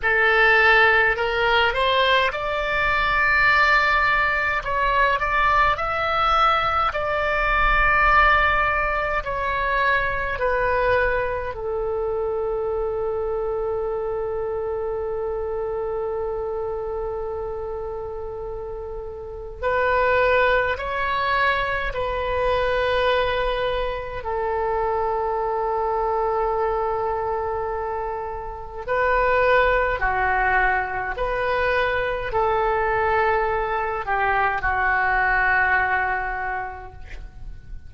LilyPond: \new Staff \with { instrumentName = "oboe" } { \time 4/4 \tempo 4 = 52 a'4 ais'8 c''8 d''2 | cis''8 d''8 e''4 d''2 | cis''4 b'4 a'2~ | a'1~ |
a'4 b'4 cis''4 b'4~ | b'4 a'2.~ | a'4 b'4 fis'4 b'4 | a'4. g'8 fis'2 | }